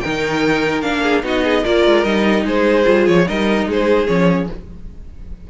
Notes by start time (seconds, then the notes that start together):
0.00 D#3 D#4 A#4 G5
0.82 A#3 D4 F5
1.02 G#4
1.22 B3 D#4 F#4 D#5
1.44 G#4
1.63 A#3 F4 A#4 D5
1.86 G#3
2.04 G3 D#4 D#5
2.45 G#3 G#4 C5
2.84 G3 F4
3.07 F3 C#5
3.27 G3 D#4 A#4 D#5
3.66 G#3 G#4 C5
4.07 F3 C#4 C#5